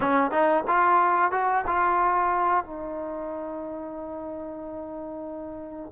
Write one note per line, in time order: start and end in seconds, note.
0.00 0.31 C#4
0.31 0.64 D#4
0.67 1.31 F4
1.31 1.64 F#4
1.66 2.64 F4
2.64 5.92 D#4